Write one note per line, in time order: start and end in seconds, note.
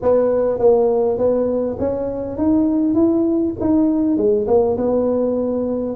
0.02 0.58 B3
0.58 1.17 A#3
1.17 1.77 B3
1.79 2.37 C#4
2.37 2.94 D#4
2.94 3.53 E4
3.60 4.17 D#4
4.17 4.47 G#3
4.47 4.77 A#3
4.77 5.95 B3